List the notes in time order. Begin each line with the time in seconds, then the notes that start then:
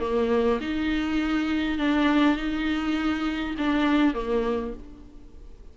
0.00 A#3
0.61 D#4
1.78 D4
2.36 D#4
3.58 D4
4.14 A#3